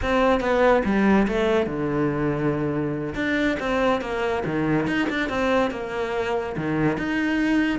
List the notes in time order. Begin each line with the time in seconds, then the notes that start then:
0.02 C4
0.40 B3
0.85 G3
1.27 A3
1.66 D3
3.14 D4
3.59 C4
4.01 A#3
4.45 D#3
4.87 D#4
5.09 D4
5.29 C4
5.71 A#3
6.56 D#3
6.97 D#4